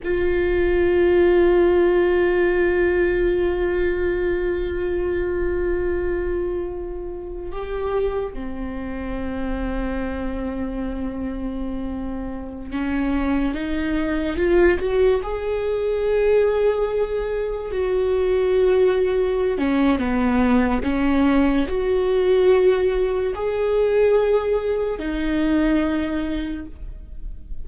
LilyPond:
\new Staff \with { instrumentName = "viola" } { \time 4/4 \tempo 4 = 72 f'1~ | f'1~ | f'4 g'4 c'2~ | c'2.~ c'16 cis'8.~ |
cis'16 dis'4 f'8 fis'8 gis'4.~ gis'16~ | gis'4~ gis'16 fis'2~ fis'16 cis'8 | b4 cis'4 fis'2 | gis'2 dis'2 | }